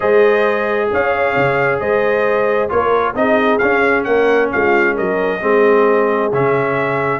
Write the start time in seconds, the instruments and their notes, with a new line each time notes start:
0.00 tuba G#3, trombone G#4, horn C5, trumpet D#5
0.92 tuba C#4, horn C#5, trumpet F5
1.36 tuba C#3
1.79 tuba G#3, horn C5, trumpet D#5
2.69 tuba A#3, trombone F4, horn A#4, trumpet C#5
3.15 tuba C4, trombone D#4, horn G#4, trumpet D#5
3.58 trombone C#4, tuba C#4, trumpet F5
4.04 tuba A#3, horn A#4, trumpet F#5
4.51 tuba G#3, horn F4, trumpet F5
4.94 tuba F#3, horn A#4, trumpet D#5
5.40 tuba G#3, trombone C4, horn G#4
6.32 tuba C#3, trombone C#4, trumpet E5